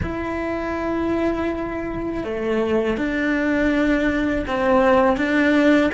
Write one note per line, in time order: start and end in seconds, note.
0.02 2.24 E4
2.24 2.97 A3
2.97 4.45 D4
4.47 5.16 C4
5.16 5.91 D4